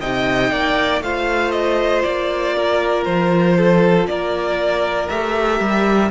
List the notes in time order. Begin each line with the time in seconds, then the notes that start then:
0.00 C3 D#4 D#5 G5
0.51 A#3 D5
1.01 A3 F4 C5 F5
1.51 D#5
2.02 A#3 D5
2.57 A#4
3.04 F3 C5
3.57 A4
4.07 A#3 A#4 D5
5.09 A3 G4 E5
5.60 G3